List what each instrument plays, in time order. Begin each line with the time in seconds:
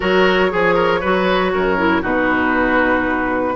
0.00 bassoon F#3, clarinet F#4, oboe A#4, flute C#5
0.49 bassoon F3, clarinet G#4, oboe G#4
0.74 oboe A#4
1.00 bassoon F#3, clarinet F#4, oboe B4
1.53 bassoon F#2, oboe A#4
1.77 clarinet E4
2.02 bassoon B2, clarinet D#4, oboe F#4, flute B4